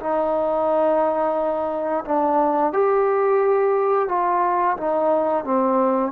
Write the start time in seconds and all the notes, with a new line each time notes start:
0.00 D#4
2.05 D4
2.73 G4
4.09 F4
4.78 D#4
5.45 C4